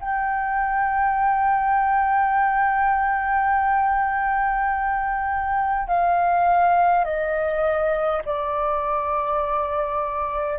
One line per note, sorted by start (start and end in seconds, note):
0.00 5.87 G5
5.87 7.04 F5
7.04 8.21 D#5
8.25 10.58 D5